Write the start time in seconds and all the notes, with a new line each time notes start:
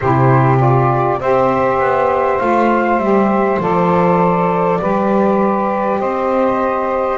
0.00 C3 E4 G4 C5
0.58 F4 D5
1.19 C4 G4 C5 E5
1.79 B3
2.39 A3 F4 F5
2.97 G3 G4 E5
3.59 F3 A4 D5
4.80 G3 G4 B4
5.99 C4 C5 D#5